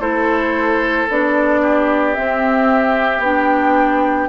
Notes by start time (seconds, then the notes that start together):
0.00 A3 E4 A4 C5
1.10 B3 D4 D5
1.62 G4
2.14 C4 E5
3.19 B3 D4 G5